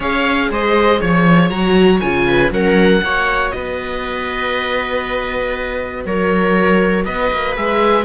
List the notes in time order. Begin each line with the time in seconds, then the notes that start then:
0.00 C#4 G#4 C#5 F5
0.50 G#3 C5 D#5
1.00 F3 C#5
1.49 F#3 F#4 A#5
2.00 C#3 F4 G#5
2.27 B4
2.50 F#3 C#4 A#4 F#5
3.01 A#3 F#4 C#5
3.51 B3 B4 D#5
6.05 F#3 A#4 C#5
7.04 B3 B4 D#5
7.32 A#3
7.56 G#3 G#4 E5